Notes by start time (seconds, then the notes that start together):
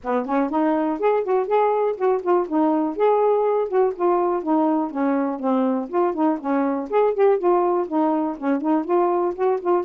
0.03 B3
0.25 C#4
0.50 D#4
0.99 G#4
1.23 F#4
1.47 G#4
1.96 F#4
2.22 F4
2.47 D#4
2.96 G#4
3.68 F#4
3.95 F4
4.42 D#4
4.90 C#4
5.39 C4
5.89 F4
6.13 D#4
6.40 C#4
6.90 G#4
7.14 G4
7.38 F4
7.87 D#4
8.37 C#4
8.61 D#4
8.84 F4
9.35 F#4
9.61 F4